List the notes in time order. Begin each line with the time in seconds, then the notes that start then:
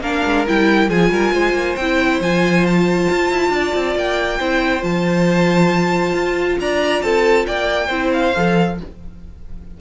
0.00 A#3 D4 A#4 F5
0.25 G#3
0.46 G3 E4 G5
0.89 F3 F4 G#4 G#5
1.10 G3 A#4
1.32 G#3 C5
1.53 A#3
1.76 C4 E4 G5
2.20 F3 F4 G#5
2.66 A5
3.09 F4
3.30 E4
3.49 D4 D5
3.75 C4
3.95 A#3 G5
4.38 C4 E4 C5
4.80 F3 F4 A5
6.13 F4
6.60 D4 D5 A#5
7.02 C4 A4 A5
7.46 A#3 D5 G5
7.87 C4 E4 C5
8.12 F5
8.36 F3 A4